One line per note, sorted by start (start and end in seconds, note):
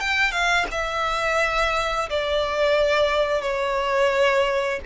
0.00 0.31 G5
0.31 0.66 F5
0.71 2.09 E5
2.09 3.42 D5
3.42 4.80 C#5